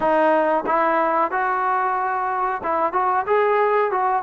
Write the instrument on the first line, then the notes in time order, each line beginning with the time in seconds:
trombone
0.00 D#4
0.66 E4
1.31 F#4
2.63 E4
2.93 F#4
3.26 G#4
3.91 F#4